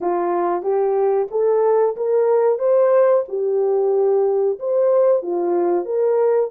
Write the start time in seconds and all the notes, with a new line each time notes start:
0.00 F4
0.62 G4
1.30 A4
1.96 A#4
2.58 C5
3.28 G4
4.59 C5
5.22 F4
5.85 A#4